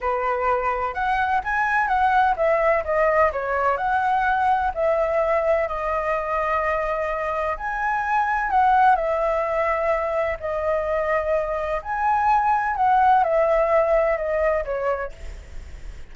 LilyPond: \new Staff \with { instrumentName = "flute" } { \time 4/4 \tempo 4 = 127 b'2 fis''4 gis''4 | fis''4 e''4 dis''4 cis''4 | fis''2 e''2 | dis''1 |
gis''2 fis''4 e''4~ | e''2 dis''2~ | dis''4 gis''2 fis''4 | e''2 dis''4 cis''4 | }